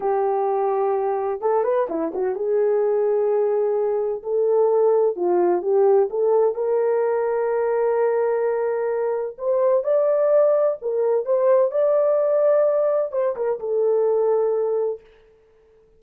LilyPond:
\new Staff \with { instrumentName = "horn" } { \time 4/4 \tempo 4 = 128 g'2. a'8 b'8 | e'8 fis'8 gis'2.~ | gis'4 a'2 f'4 | g'4 a'4 ais'2~ |
ais'1 | c''4 d''2 ais'4 | c''4 d''2. | c''8 ais'8 a'2. | }